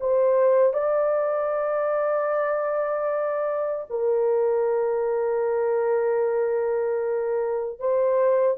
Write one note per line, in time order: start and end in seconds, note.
0.00 0.73 C5
0.73 3.85 D5
3.90 7.79 A#4
7.80 8.57 C5